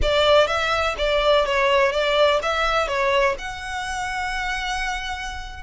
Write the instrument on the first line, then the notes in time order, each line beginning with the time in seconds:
violin
0.01 D5
0.47 E5
0.98 D5
1.45 C#5
1.92 D5
2.42 E5
2.87 C#5
3.38 F#5